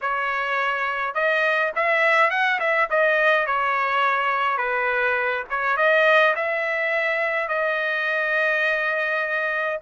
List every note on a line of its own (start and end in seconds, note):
0.01 1.14 C#5
1.14 1.72 D#5
1.75 2.30 E5
2.30 2.59 F#5
2.59 2.88 E5
2.90 3.46 D#5
3.46 4.57 C#5
4.57 5.44 B4
5.50 5.76 C#5
5.76 6.34 D#5
6.35 7.48 E5
7.48 9.79 D#5